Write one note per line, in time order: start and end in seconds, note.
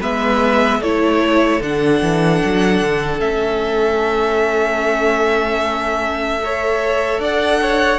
0.00 0.81 G#3
0.00 0.82 B3
0.00 0.80 B4
0.00 0.83 E5
0.81 1.61 A3
0.81 1.62 E4
0.81 6.41 A4
0.81 1.62 C#5
1.61 2.01 D3
1.61 3.20 D4
1.61 3.20 F#5
2.02 2.42 E3
2.45 2.82 F#3
2.82 3.20 D3
3.20 7.19 A3
3.20 6.40 C#4
3.20 7.20 E5
6.42 8.00 A4
6.42 7.21 C#5
7.19 7.99 D4
7.19 7.61 D5
7.19 8.00 F#5
7.62 8.00 C#5